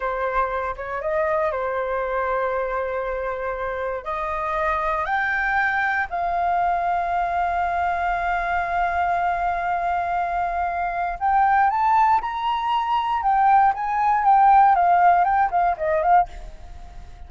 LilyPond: \new Staff \with { instrumentName = "flute" } { \time 4/4 \tempo 4 = 118 c''4. cis''8 dis''4 c''4~ | c''1 | dis''2 g''2 | f''1~ |
f''1~ | f''2 g''4 a''4 | ais''2 g''4 gis''4 | g''4 f''4 g''8 f''8 dis''8 f''8 | }